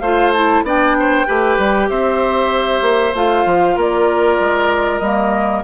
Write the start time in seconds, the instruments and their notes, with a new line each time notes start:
0.00 bassoon A3, clarinet F4, oboe C5, flute F5
0.33 clarinet E4, flute A5
0.62 bassoon B3, clarinet D4, oboe D5, flute G5
0.99 oboe C5
1.26 bassoon A3, clarinet G4, oboe B4
1.58 bassoon G3
1.89 bassoon C4, oboe C5, flute E5
2.81 bassoon A#3
3.14 bassoon A3, clarinet F4, flute F5
3.45 bassoon F3
3.75 bassoon A#3, oboe A#4, flute D5
4.39 bassoon G#3
4.99 bassoon G3, clarinet A#3, flute D#5